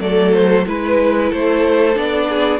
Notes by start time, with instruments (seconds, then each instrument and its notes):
0.00 cello F#3, viola A3, violin A4 D5
0.33 violin C5
0.66 cello G#3, viola E4, violin B4
1.29 cello A3, violin A4 C5
1.94 cello B3, viola D4, violin D5
2.29 violin G#4